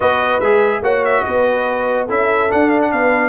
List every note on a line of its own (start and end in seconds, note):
0.00 0.40 B3
0.00 0.41 F#4
0.00 0.82 B4
0.00 0.40 D#5
0.40 0.82 G#3
0.40 0.83 G#4
0.40 0.82 E5
0.82 1.23 A#3
0.82 2.08 F#4
0.82 1.24 C#5
0.82 1.04 F#5
1.04 1.24 E5
1.24 2.09 B3
1.24 2.05 B4
1.24 2.07 D#5
2.05 2.51 C#4
2.05 2.49 E4
2.05 2.89 A4
2.05 2.51 E5
2.49 3.29 D4
2.49 2.92 D4
2.49 2.69 F#5
2.69 2.79 F5
2.81 2.91 F#5
2.91 3.29 B3
2.91 3.29 B4
2.91 3.29 F5